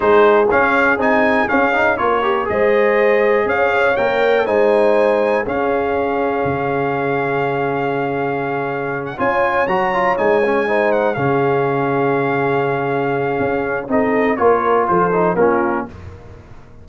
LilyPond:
<<
  \new Staff \with { instrumentName = "trumpet" } { \time 4/4 \tempo 4 = 121 c''4 f''4 gis''4 f''4 | cis''4 dis''2 f''4 | g''4 gis''2 f''4~ | f''1~ |
f''2~ f''16 fis''16 gis''4 ais''8~ | ais''8 gis''4. fis''8 f''4.~ | f''1 | dis''4 cis''4 c''4 ais'4 | }
  \new Staff \with { instrumentName = "horn" } { \time 4/4 gis'1 | ais'4 c''2 cis''4~ | cis''4 c''2 gis'4~ | gis'1~ |
gis'2~ gis'8 cis''4.~ | cis''4. c''4 gis'4.~ | gis'1 | a'4 ais'4 a'4 f'4 | }
  \new Staff \with { instrumentName = "trombone" } { \time 4/4 dis'4 cis'4 dis'4 cis'8 dis'8 | f'8 g'8 gis'2. | ais'4 dis'2 cis'4~ | cis'1~ |
cis'2~ cis'8 f'4 fis'8 | f'8 dis'8 cis'8 dis'4 cis'4.~ | cis'1 | dis'4 f'4. dis'8 cis'4 | }
  \new Staff \with { instrumentName = "tuba" } { \time 4/4 gis4 cis'4 c'4 cis'4 | ais4 gis2 cis'4 | ais4 gis2 cis'4~ | cis'4 cis2.~ |
cis2~ cis8 cis'4 fis8~ | fis8 gis2 cis4.~ | cis2. cis'4 | c'4 ais4 f4 ais4 | }
>>